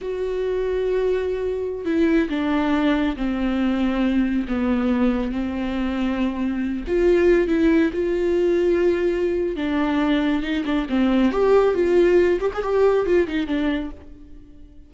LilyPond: \new Staff \with { instrumentName = "viola" } { \time 4/4 \tempo 4 = 138 fis'1~ | fis'16 e'4 d'2 c'8.~ | c'2~ c'16 b4.~ b16~ | b16 c'2.~ c'8 f'16~ |
f'4~ f'16 e'4 f'4.~ f'16~ | f'2 d'2 | dis'8 d'8 c'4 g'4 f'4~ | f'8 g'16 gis'16 g'4 f'8 dis'8 d'4 | }